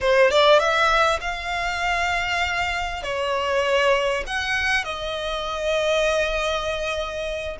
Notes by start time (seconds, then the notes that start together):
0.01 C5
0.30 D5
0.59 E5
1.20 F5
3.02 C#5
4.26 F#5
4.84 D#5